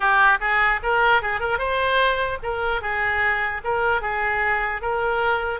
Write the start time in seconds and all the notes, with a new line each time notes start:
0.00 G4
0.40 G#4
0.83 A#4
1.22 G#4
1.40 A#4
1.58 C5
2.43 A#4
2.81 G#4
3.63 A#4
4.01 G#4
4.81 A#4